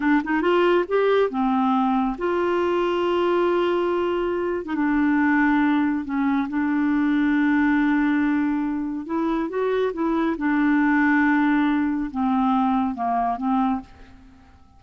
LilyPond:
\new Staff \with { instrumentName = "clarinet" } { \time 4/4 \tempo 4 = 139 d'8 dis'8 f'4 g'4 c'4~ | c'4 f'2.~ | f'2~ f'8. dis'16 d'4~ | d'2 cis'4 d'4~ |
d'1~ | d'4 e'4 fis'4 e'4 | d'1 | c'2 ais4 c'4 | }